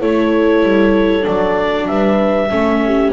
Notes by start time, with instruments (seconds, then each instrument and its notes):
0.00 double bass A3, viola E4, horn A4, clarinet C#5
0.62 double bass G3
1.22 double bass F#3, viola D4, clarinet D5
1.87 double bass G3, horn B4, clarinet E5
2.50 double bass A3, viola C#4, horn A4
2.85 horn G4